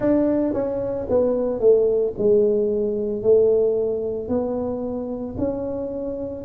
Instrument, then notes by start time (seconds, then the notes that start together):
tuba
0.00 D4
0.53 C#4
1.09 B3
1.60 A3
2.17 G#3
3.22 A3
4.28 B3
5.38 C#4